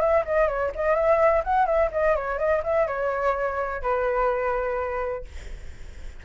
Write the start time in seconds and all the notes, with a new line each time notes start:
0.00 E5
0.25 D#5
0.48 C#5
0.75 D#5
0.95 E5
1.44 F#5
1.66 E5
1.92 D#5
2.15 C#5
2.38 D#5
2.63 E5
2.87 C#5
3.82 B4